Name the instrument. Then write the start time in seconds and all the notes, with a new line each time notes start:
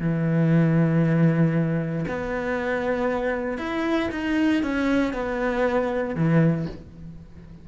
cello
0.00 E3
2.08 B3
3.58 E4
4.11 D#4
4.62 C#4
5.13 B3
6.15 E3